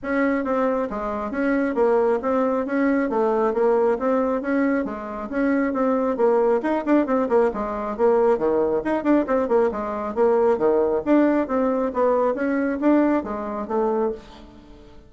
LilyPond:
\new Staff \with { instrumentName = "bassoon" } { \time 4/4 \tempo 4 = 136 cis'4 c'4 gis4 cis'4 | ais4 c'4 cis'4 a4 | ais4 c'4 cis'4 gis4 | cis'4 c'4 ais4 dis'8 d'8 |
c'8 ais8 gis4 ais4 dis4 | dis'8 d'8 c'8 ais8 gis4 ais4 | dis4 d'4 c'4 b4 | cis'4 d'4 gis4 a4 | }